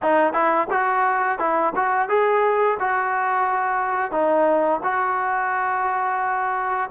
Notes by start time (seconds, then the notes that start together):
0.02 D#4
0.33 E4
0.70 F#4
1.39 E4
1.75 F#4
2.08 G#4
2.79 F#4
4.11 D#4
4.83 F#4